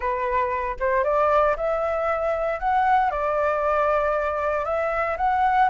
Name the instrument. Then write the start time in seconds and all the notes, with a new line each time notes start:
flute
0.00 B4
0.79 C5
1.04 D5
1.56 E5
2.59 F#5
3.10 D5
4.65 E5
5.17 F#5